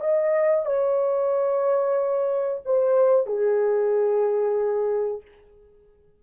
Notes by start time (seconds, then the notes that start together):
0.00 D#5
0.66 C#5
2.65 C5
3.26 G#4